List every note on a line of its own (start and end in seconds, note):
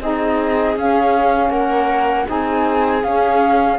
0.00 0.76 C4
0.00 0.75 D#4
0.00 1.50 G#4
0.00 0.77 D#5
0.75 2.25 C#4
0.75 1.50 C#4
0.75 1.50 F5
1.50 2.25 A#3
1.50 2.26 A#4
1.50 2.26 F#5
2.25 3.03 C4
2.25 3.01 D#4
2.25 3.79 G#4
2.25 3.03 G#5
3.02 3.78 C#4
3.02 3.79 C#4
3.02 3.79 F5